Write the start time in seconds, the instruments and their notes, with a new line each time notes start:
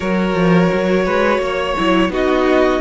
0.00 cello F#3, viola F#4, violin A#4 C#5
0.34 cello F3
0.73 cello F#3
1.05 cello G#3, violin B4
1.37 cello A#3, violin C#5
1.77 cello F#3, viola E4
2.09 cello B3, viola D#4, violin F#4 D#5